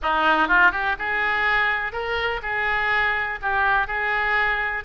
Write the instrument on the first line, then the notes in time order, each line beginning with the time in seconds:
oboe
0.02 D#4
0.48 F4
0.71 G4
0.98 G#4
1.92 A#4
2.42 G#4
3.42 G4
3.87 G#4